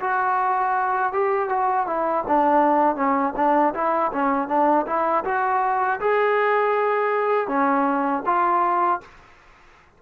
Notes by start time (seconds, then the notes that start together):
0.00 F#4
1.12 G4
1.49 F#4
1.87 E4
2.27 D4
2.96 C#4
3.36 D4
3.74 E4
4.12 C#4
4.48 D4
4.87 E4
5.25 F#4
6.00 G#4
7.48 C#4
8.26 F4